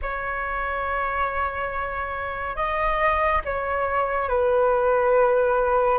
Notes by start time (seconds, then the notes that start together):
0.02 C#5
2.56 D#5
3.44 C#5
4.28 B4